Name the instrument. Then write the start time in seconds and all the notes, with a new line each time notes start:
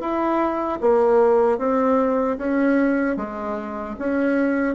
bassoon
0.00 E4
0.81 A#3
1.58 C4
2.38 C#4
3.17 G#3
3.98 C#4